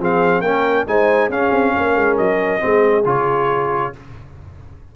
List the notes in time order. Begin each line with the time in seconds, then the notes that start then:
0.00 F3 C4 G#4 F5
0.41 A#3 C#4 A#4 G5
0.87 G#3 D#4 C5 G#5
1.29 C#4 G#4 F5
1.52 C4
1.75 A#3 A#4
1.96 G#3
2.17 F#3 D#5
2.60 G#3 C4 G#4
3.05 C#3 F4 C#5